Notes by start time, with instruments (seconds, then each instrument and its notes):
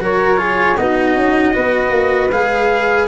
0.00 tuba F#3, cello F#4, flute A#4, trumpet C#5
0.37 cello F4, flute G#4
0.77 tuba B3, cello D#4, flute F#4, trumpet D#5
1.17 tuba C#4
1.53 tuba B3, cello F#4, flute B4
1.91 tuba A#3
2.31 tuba G#3, cello G#4, trumpet F5